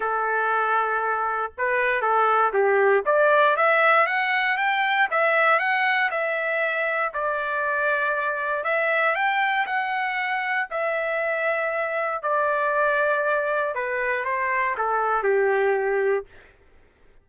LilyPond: \new Staff \with { instrumentName = "trumpet" } { \time 4/4 \tempo 4 = 118 a'2. b'4 | a'4 g'4 d''4 e''4 | fis''4 g''4 e''4 fis''4 | e''2 d''2~ |
d''4 e''4 g''4 fis''4~ | fis''4 e''2. | d''2. b'4 | c''4 a'4 g'2 | }